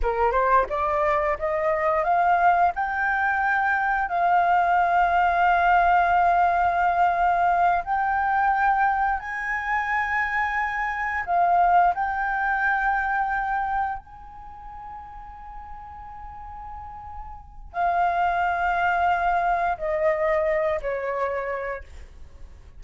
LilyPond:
\new Staff \with { instrumentName = "flute" } { \time 4/4 \tempo 4 = 88 ais'8 c''8 d''4 dis''4 f''4 | g''2 f''2~ | f''2.~ f''8 g''8~ | g''4. gis''2~ gis''8~ |
gis''8 f''4 g''2~ g''8~ | g''8 gis''2.~ gis''8~ | gis''2 f''2~ | f''4 dis''4. cis''4. | }